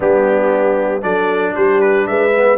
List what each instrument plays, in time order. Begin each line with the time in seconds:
0.00 tuba G3, trombone B3, horn D4, trumpet G4
1.01 tuba F#3, trombone D4, horn A4, trumpet D5
1.55 tuba G3, horn G4, trumpet C5
1.80 trumpet B4
2.06 tuba G#3, horn B4, trumpet E5
2.36 trombone B3